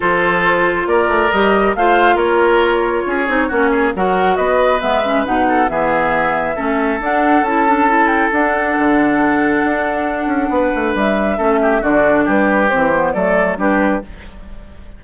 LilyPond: <<
  \new Staff \with { instrumentName = "flute" } { \time 4/4 \tempo 4 = 137 c''2 d''4 dis''4 | f''4 cis''2.~ | cis''4 fis''4 dis''4 e''4 | fis''4 e''2. |
fis''4 a''4. g''8 fis''4~ | fis''1~ | fis''4 e''2 d''4 | b'4 c''4 d''4 b'4 | }
  \new Staff \with { instrumentName = "oboe" } { \time 4/4 a'2 ais'2 | c''4 ais'2 gis'4 | fis'8 gis'8 ais'4 b'2~ | b'8 a'8 gis'2 a'4~ |
a'1~ | a'1 | b'2 a'8 g'8 fis'4 | g'2 a'4 g'4 | }
  \new Staff \with { instrumentName = "clarinet" } { \time 4/4 f'2. g'4 | f'2.~ f'8 dis'8 | cis'4 fis'2 b8 cis'8 | dis'4 b2 cis'4 |
d'4 e'8 d'8 e'4 d'4~ | d'1~ | d'2 cis'4 d'4~ | d'4 c'8 b8 a4 d'4 | }
  \new Staff \with { instrumentName = "bassoon" } { \time 4/4 f2 ais8 a8 g4 | a4 ais2 cis'8 c'8 | ais4 fis4 b4 gis4 | b,4 e2 a4 |
d'4 cis'2 d'4 | d2 d'4. cis'8 | b8 a8 g4 a4 d4 | g4 e4 fis4 g4 | }
>>